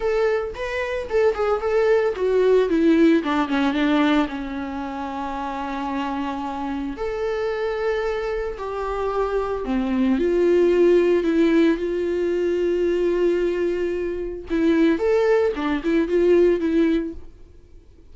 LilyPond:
\new Staff \with { instrumentName = "viola" } { \time 4/4 \tempo 4 = 112 a'4 b'4 a'8 gis'8 a'4 | fis'4 e'4 d'8 cis'8 d'4 | cis'1~ | cis'4 a'2. |
g'2 c'4 f'4~ | f'4 e'4 f'2~ | f'2. e'4 | a'4 d'8 e'8 f'4 e'4 | }